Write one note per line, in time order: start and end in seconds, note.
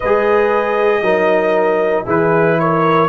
0.00 1.01 G#3
0.00 1.03 G#4
0.00 1.02 B4
0.00 2.06 D#5
1.01 2.04 F#3
1.01 2.05 D#4
1.01 2.05 A#4
2.05 3.08 E3
2.05 3.08 E4
2.05 2.57 G#4
2.05 2.59 B4
2.59 3.08 A#4
2.59 3.08 C#5